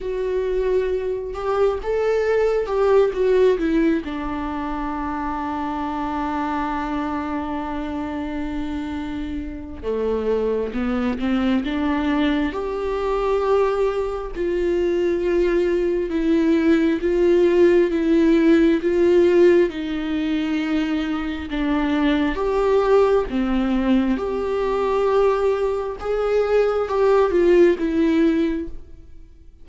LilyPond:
\new Staff \with { instrumentName = "viola" } { \time 4/4 \tempo 4 = 67 fis'4. g'8 a'4 g'8 fis'8 | e'8 d'2.~ d'8~ | d'2. a4 | b8 c'8 d'4 g'2 |
f'2 e'4 f'4 | e'4 f'4 dis'2 | d'4 g'4 c'4 g'4~ | g'4 gis'4 g'8 f'8 e'4 | }